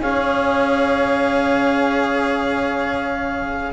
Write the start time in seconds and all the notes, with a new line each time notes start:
0.00 C#4 G#4 C#5 F5